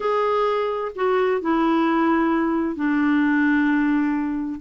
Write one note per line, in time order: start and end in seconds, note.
0.00 0.92 G#4
0.95 1.41 F#4
1.41 2.75 E4
2.75 4.60 D4